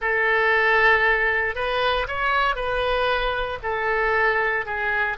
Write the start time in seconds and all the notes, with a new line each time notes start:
0.01 A4
1.55 B4
2.07 C#5
2.55 B4
3.62 A4
4.65 G#4